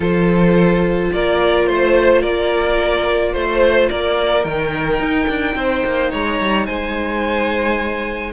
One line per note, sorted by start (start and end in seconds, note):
0.00 1.10 F3
0.00 4.42 F4
0.00 1.11 A4
0.00 1.12 C5
1.12 1.67 A#3
1.12 1.68 A#4
1.12 1.66 D5
1.66 2.23 A3
1.66 2.22 C5
1.66 2.21 C5
2.21 3.33 A#3
2.21 3.32 A#4
2.21 3.33 D5
3.33 3.89 A3
3.33 3.89 C5
3.89 4.44 A#3
3.89 5.56 A#4
3.89 4.44 D5
4.44 4.99 D#3
4.44 8.32 D#4
4.44 6.11 G5
4.99 5.27 D#4
5.28 5.55 D4
5.55 5.82 C4
5.55 6.11 C5
5.85 6.12 A#3
6.11 6.39 G#3
6.11 6.66 C#5
6.11 6.66 A#5
6.39 6.67 G3
6.66 8.32 G#3
6.66 8.32 C5
6.66 8.32 G#5